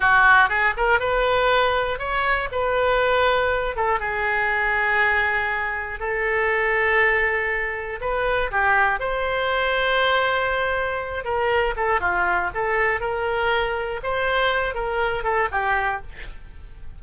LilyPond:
\new Staff \with { instrumentName = "oboe" } { \time 4/4 \tempo 4 = 120 fis'4 gis'8 ais'8 b'2 | cis''4 b'2~ b'8 a'8 | gis'1 | a'1 |
b'4 g'4 c''2~ | c''2~ c''8 ais'4 a'8 | f'4 a'4 ais'2 | c''4. ais'4 a'8 g'4 | }